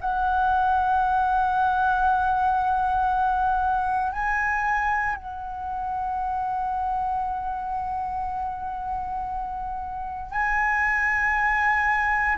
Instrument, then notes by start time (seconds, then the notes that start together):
flute
0.00 F#5
4.12 G#5
5.15 F#5
10.31 G#5